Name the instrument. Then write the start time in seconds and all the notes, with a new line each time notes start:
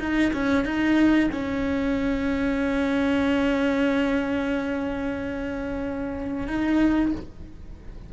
cello
0.00 D#4
0.33 C#4
0.65 D#4
1.31 C#4
6.47 D#4